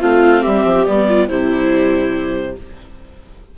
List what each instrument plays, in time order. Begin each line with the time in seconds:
0.00 bassoon A3, viola C4 F4, clarinet F5
0.42 bassoon G3, viola G4, clarinet E5
0.65 bassoon F3
0.86 bassoon G3, viola B3, clarinet D5
1.09 viola F4
1.29 bassoon C3, viola G3 E4, clarinet C5